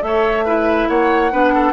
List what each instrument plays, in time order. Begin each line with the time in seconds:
0.00 bassoon A3, clarinet A4, flute E5
0.07 oboe C#5
0.45 clarinet E4, oboe B4
0.89 bassoon A#3, oboe C#5, flute F#5
1.32 bassoon B3, clarinet D4, oboe B4
1.55 oboe A4